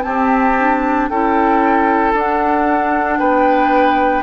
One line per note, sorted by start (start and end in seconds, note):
0.00 0.53 C4
0.00 1.10 C4
0.00 1.10 G4
0.00 1.08 A5
0.59 1.11 D4
1.09 2.14 C#4
1.09 2.16 E4
1.09 3.19 A4
1.09 2.14 G5
2.14 3.19 D4
2.14 4.23 D4
2.14 3.19 F#5
3.19 4.23 B3
3.19 4.23 B4
3.19 4.23 G5